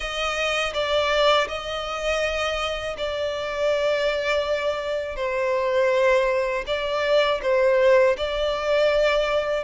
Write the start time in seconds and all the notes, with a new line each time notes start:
0.00 D#5
0.73 D5
1.48 D#5
2.97 D5
5.16 C5
6.66 D5
7.42 C5
8.17 D5